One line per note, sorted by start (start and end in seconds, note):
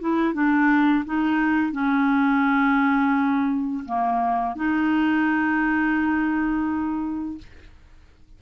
0.00 0.34 E4
0.34 1.04 D4
1.06 1.72 D#4
1.72 3.84 C#4
3.85 4.56 A#3
4.56 7.38 D#4